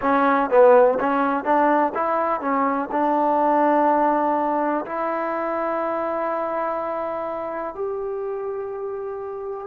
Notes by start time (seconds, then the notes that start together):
0.01 C#4
0.50 B3
0.99 C#4
1.44 D4
1.94 E4
2.40 C#4
2.91 D4
4.85 E4
7.74 G4